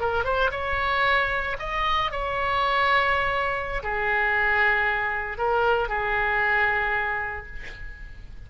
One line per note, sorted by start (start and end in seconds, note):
0.00 0.24 A#4
0.24 0.51 C5
0.51 1.56 C#5
1.59 2.11 D#5
2.11 3.83 C#5
3.83 5.38 G#4
5.38 5.88 A#4
5.88 7.46 G#4